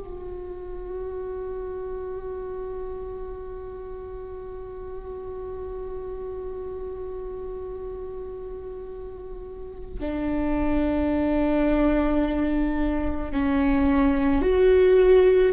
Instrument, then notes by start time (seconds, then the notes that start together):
viola
0.00 F#4
10.00 D4
13.32 C#4
14.42 F#4